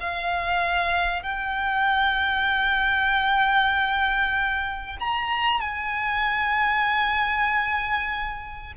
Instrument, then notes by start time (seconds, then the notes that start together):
violin
0.00 F5
1.22 G5
5.00 A#5
5.60 G#5